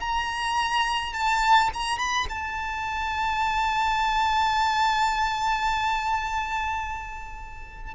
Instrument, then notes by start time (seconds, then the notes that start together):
violin
0.00 A#5
1.14 A5
1.74 A#5
1.99 B5
2.30 A5